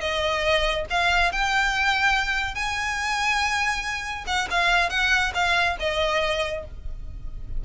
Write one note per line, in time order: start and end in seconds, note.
0.00 0.85 D#5
0.90 1.32 F5
1.32 2.55 G5
2.55 4.25 G#5
4.27 4.48 F#5
4.50 4.90 F5
4.90 5.32 F#5
5.34 5.77 F5
5.79 6.65 D#5